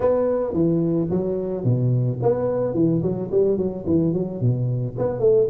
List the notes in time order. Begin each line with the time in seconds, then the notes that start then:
0.00 B3
0.53 E3
1.10 F#3
1.64 B2
2.22 B3
2.74 E3
3.02 F#3
3.31 G3
3.57 F#3
3.86 E3
4.13 F#3
4.40 B2
4.98 B3
5.19 A3